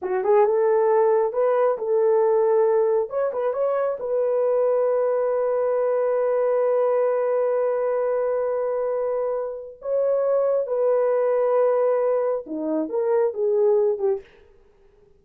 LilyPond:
\new Staff \with { instrumentName = "horn" } { \time 4/4 \tempo 4 = 135 fis'8 gis'8 a'2 b'4 | a'2. cis''8 b'8 | cis''4 b'2.~ | b'1~ |
b'1~ | b'2 cis''2 | b'1 | dis'4 ais'4 gis'4. g'8 | }